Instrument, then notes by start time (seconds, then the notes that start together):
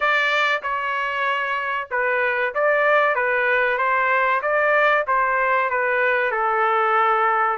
trumpet
0.00 D5
0.62 C#5
1.90 B4
2.54 D5
3.15 B4
3.78 C5
4.42 D5
5.07 C5
5.70 B4
6.31 A4